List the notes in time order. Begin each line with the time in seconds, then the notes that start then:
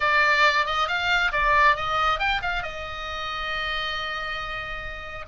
0.00 D5
0.66 D#5
0.88 F5
1.32 D5
1.76 D#5
2.19 G5
2.41 F5
2.62 D#5